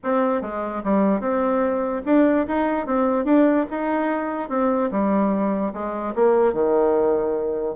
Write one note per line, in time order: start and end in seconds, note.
0.03 0.41 C4
0.41 0.82 G#3
0.83 1.20 G3
1.20 2.02 C4
2.05 2.46 D4
2.47 2.86 D#4
2.86 3.24 C4
3.24 3.65 D4
3.70 4.49 D#4
4.49 4.90 C4
4.91 5.73 G3
5.73 6.14 G#3
6.15 6.53 A#3
6.53 7.75 D#3